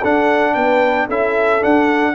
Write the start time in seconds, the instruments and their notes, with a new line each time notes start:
0.00 tuba D4, trombone D4, horn A4, trumpet F#5
0.54 tuba B3, horn B4, trumpet G5
1.07 tuba C#4, trombone E4, horn A4, trumpet E5
1.60 trombone D4, tuba D4, trumpet F#5